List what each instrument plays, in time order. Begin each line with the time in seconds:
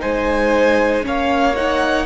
0.00 cello G#3, viola D#4, violin C5 G#5
1.03 cello A#3, viola C#4, violin C#5 F5
1.56 viola D#4, violin F#5